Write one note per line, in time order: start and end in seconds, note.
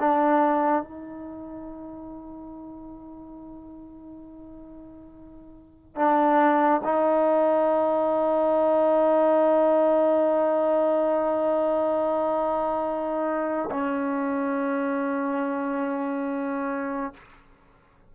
0.00 0.83 D4
0.83 5.96 D#4
5.96 6.81 D4
6.84 13.70 D#4
13.71 17.14 C#4